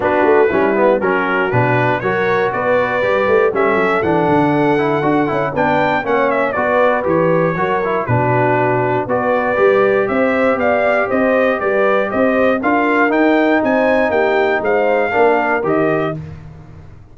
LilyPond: <<
  \new Staff \with { instrumentName = "trumpet" } { \time 4/4 \tempo 4 = 119 b'2 ais'4 b'4 | cis''4 d''2 e''4 | fis''2. g''4 | fis''8 e''8 d''4 cis''2 |
b'2 d''2 | e''4 f''4 dis''4 d''4 | dis''4 f''4 g''4 gis''4 | g''4 f''2 dis''4 | }
  \new Staff \with { instrumentName = "horn" } { \time 4/4 fis'4 e'4 fis'2 | ais'4 b'2 a'4~ | a'2. b'4 | cis''4 b'2 ais'4 |
fis'2 b'2 | c''4 d''4 c''4 b'4 | c''4 ais'2 c''4 | g'4 c''4 ais'2 | }
  \new Staff \with { instrumentName = "trombone" } { \time 4/4 d'4 cis'8 b8 cis'4 d'4 | fis'2 g'4 cis'4 | d'4. e'8 fis'8 e'8 d'4 | cis'4 fis'4 g'4 fis'8 e'8 |
d'2 fis'4 g'4~ | g'1~ | g'4 f'4 dis'2~ | dis'2 d'4 g'4 | }
  \new Staff \with { instrumentName = "tuba" } { \time 4/4 b8 a8 g4 fis4 b,4 | fis4 b4 g8 a8 g8 fis8 | e8 d4. d'8 cis'8 b4 | ais4 b4 e4 fis4 |
b,2 b4 g4 | c'4 b4 c'4 g4 | c'4 d'4 dis'4 c'4 | ais4 gis4 ais4 dis4 | }
>>